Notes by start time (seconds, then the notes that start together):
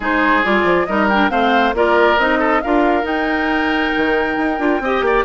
0.00 G#3 D#4 G#4 C5
0.43 G3 F4 D5
0.64 F3
0.85 G3 D#4 A#4 D#5
1.09 D4 G5
1.30 A3 C4 C5 F5
1.73 A#3 F4 A#4 D5
2.18 C4 D#4 D#5
2.39 A4
2.61 D4 F4 A#4 F5
3.03 D#4 G5
3.96 D#3
4.37 D#4
4.58 D4 F4
4.80 C4 G4 D#5
5.01 A#3 D5